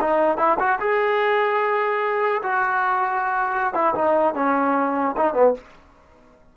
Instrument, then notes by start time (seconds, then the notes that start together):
trombone
0.00 D#4
0.37 E4
0.59 F#4
0.80 G#4
2.43 F#4
3.74 E4
3.94 D#4
4.34 C#4
5.16 D#4
5.33 B3